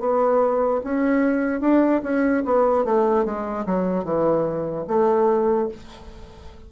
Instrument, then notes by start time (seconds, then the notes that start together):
bassoon
0.00 B3
0.84 C#4
1.61 D4
2.03 C#4
2.45 B3
2.85 A3
3.25 G#3
3.66 F#3
4.04 E3
4.88 A3